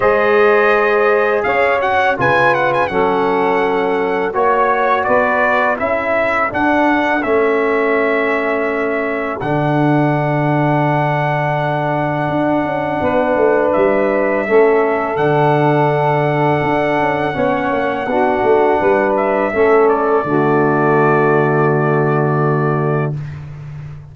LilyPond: <<
  \new Staff \with { instrumentName = "trumpet" } { \time 4/4 \tempo 4 = 83 dis''2 f''8 fis''8 gis''8 fis''16 gis''16 | fis''2 cis''4 d''4 | e''4 fis''4 e''2~ | e''4 fis''2.~ |
fis''2. e''4~ | e''4 fis''2.~ | fis''2~ fis''8 e''4 d''8~ | d''1 | }
  \new Staff \with { instrumentName = "saxophone" } { \time 4/4 c''2 cis''4 b'4 | a'2 cis''4 b'4 | a'1~ | a'1~ |
a'2 b'2 | a'1 | cis''4 fis'4 b'4 a'4 | fis'1 | }
  \new Staff \with { instrumentName = "trombone" } { \time 4/4 gis'2~ gis'8 fis'8 f'4 | cis'2 fis'2 | e'4 d'4 cis'2~ | cis'4 d'2.~ |
d'1 | cis'4 d'2. | cis'4 d'2 cis'4 | a1 | }
  \new Staff \with { instrumentName = "tuba" } { \time 4/4 gis2 cis'4 cis4 | fis2 ais4 b4 | cis'4 d'4 a2~ | a4 d2.~ |
d4 d'8 cis'8 b8 a8 g4 | a4 d2 d'8 cis'8 | b8 ais8 b8 a8 g4 a4 | d1 | }
>>